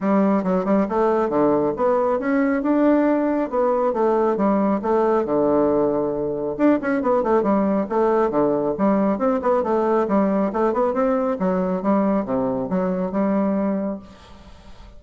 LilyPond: \new Staff \with { instrumentName = "bassoon" } { \time 4/4 \tempo 4 = 137 g4 fis8 g8 a4 d4 | b4 cis'4 d'2 | b4 a4 g4 a4 | d2. d'8 cis'8 |
b8 a8 g4 a4 d4 | g4 c'8 b8 a4 g4 | a8 b8 c'4 fis4 g4 | c4 fis4 g2 | }